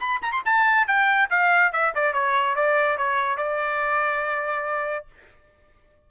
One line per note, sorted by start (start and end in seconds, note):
0.00 0.21 B5
0.22 0.32 A#5
0.32 0.42 C6
0.45 0.87 A5
0.87 1.29 G5
1.30 1.72 F5
1.72 1.93 E5
1.95 2.13 D5
2.13 2.55 C#5
2.55 2.98 D5
2.98 3.37 C#5
3.37 5.06 D5